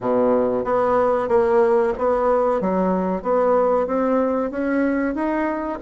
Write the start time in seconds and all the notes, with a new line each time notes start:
0.00 B2
0.64 B3
1.28 A#3
1.97 B3
2.60 F#3
3.22 B3
3.87 C4
4.50 C#4
5.14 D#4